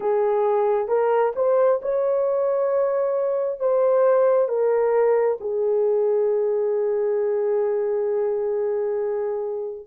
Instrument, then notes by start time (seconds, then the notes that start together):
horn
0.00 G#4
0.88 A#4
1.35 C5
1.82 C#5
3.59 C5
4.48 A#4
5.40 G#4